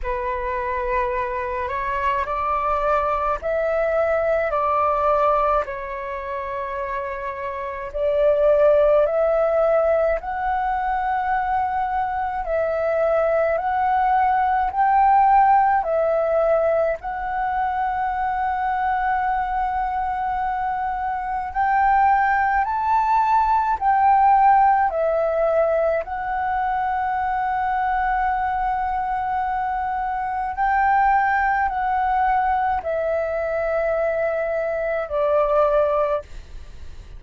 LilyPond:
\new Staff \with { instrumentName = "flute" } { \time 4/4 \tempo 4 = 53 b'4. cis''8 d''4 e''4 | d''4 cis''2 d''4 | e''4 fis''2 e''4 | fis''4 g''4 e''4 fis''4~ |
fis''2. g''4 | a''4 g''4 e''4 fis''4~ | fis''2. g''4 | fis''4 e''2 d''4 | }